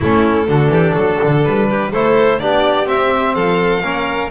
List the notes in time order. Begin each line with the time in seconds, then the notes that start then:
0.00 A3 C#4 E4 A4
0.47 D3 D4 F#4
0.69 E3 G4
0.95 F#3 A4
1.23 D3
1.44 G3 B4
1.69 G4
1.91 A3 E4 A4 C5
2.39 B3 D4 G4 D5
2.86 C4 E5
3.34 F3 A4 F5
3.82 A#3 C#4 A#4